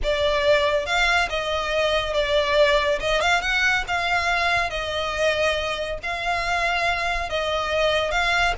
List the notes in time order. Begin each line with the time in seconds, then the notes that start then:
0.03 D5
0.86 F5
1.29 D#5
2.13 D5
3.00 D#5
3.21 F5
3.41 F#5
3.87 F5
4.70 D#5
6.03 F5
7.29 D#5
8.11 F5